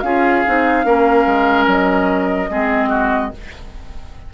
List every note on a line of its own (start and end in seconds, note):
0.00 0.44 C#4
0.00 0.45 F4
0.00 0.86 G#4
0.00 1.64 F5
0.46 0.85 C4
0.46 0.85 D#4
0.85 1.26 A#3
0.85 2.49 C#4
0.85 2.50 A#4
1.26 1.67 G#3
1.67 2.49 F#3
1.67 3.34 D#5
2.49 3.32 G#3
2.49 3.32 C4
2.49 2.89 G#4
2.89 3.30 F#4